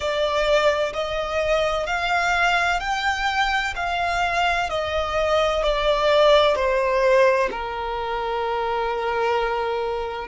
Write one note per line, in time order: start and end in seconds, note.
0.00 0.92 D5
0.93 1.86 D#5
1.86 2.80 F5
2.80 3.73 G5
3.75 4.69 F5
4.69 5.62 D#5
5.62 6.55 D5
6.55 7.49 C5
7.51 10.27 A#4